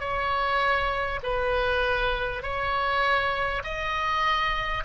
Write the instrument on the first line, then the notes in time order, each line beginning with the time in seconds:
oboe
0.00 C#5
1.23 B4
2.43 C#5
3.63 D#5